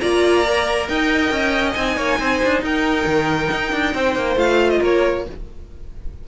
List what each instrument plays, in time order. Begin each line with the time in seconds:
0.00 cello A#3, viola F4, violin D5 A#5
0.44 viola A#4
0.89 cello D#4, violin D#5 G5
1.31 cello C#4
1.73 cello C4, viola D#4, violin G#5
1.97 cello A#3, violin C#5
2.19 cello C4, violin C5
2.44 cello D4
2.62 cello D#4, violin A#4 G5
3.06 cello D#3
3.51 cello D#4
3.73 cello D4
3.94 cello C4, violin C5
4.15 cello A#3
4.36 cello A3, viola F4, violin F5
4.70 violin D#5
4.80 cello A#3, violin A#4 C#5